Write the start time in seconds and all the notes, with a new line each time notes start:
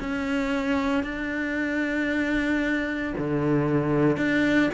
0.00 C#4
1.04 D4
3.18 D3
4.17 D4